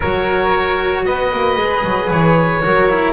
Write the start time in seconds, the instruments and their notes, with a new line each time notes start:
0.00 double bass F#3, cello F#4, flute A#4, oboe C#5
1.05 double bass B3, flute B4, oboe D#5
1.32 double bass A#3
1.56 double bass G#3, cello G#4
1.84 double bass F#3
2.10 double bass E3, oboe C#5
2.63 double bass F#3, cello F#4, flute A#4
2.89 cello E4